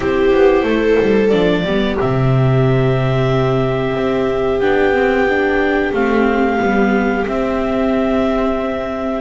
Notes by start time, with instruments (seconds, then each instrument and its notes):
0.00 double bass C4, viola E4 G4, clarinet C5
0.33 double bass B3
0.63 double bass A3, viola A4
1.01 double bass G3
1.29 double bass F3, viola D4, clarinet D5
1.64 double bass G3, viola B3 G4
1.99 double bass C3, viola C4, clarinet E5
3.95 double bass C4
4.60 double bass B3, viola D4, clarinet G5
4.93 viola C4
5.29 viola D4
5.92 double bass A3, viola C4, clarinet F5
6.59 double bass G3, viola B3
7.25 viola C4, double bass C4, clarinet E5